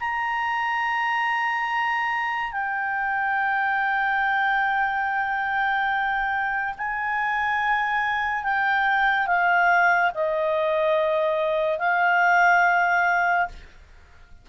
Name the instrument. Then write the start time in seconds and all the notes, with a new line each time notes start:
clarinet
0.00 A#5
2.52 G5
6.78 G#5
8.44 G5
9.27 F5
10.14 D#5
11.79 F5